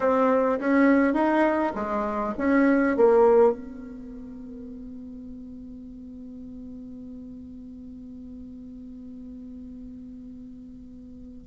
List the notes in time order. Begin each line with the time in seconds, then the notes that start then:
0.00 C4
0.59 C#4
1.13 D#4
1.75 G#3
2.38 C#4
2.96 A#3
3.53 B3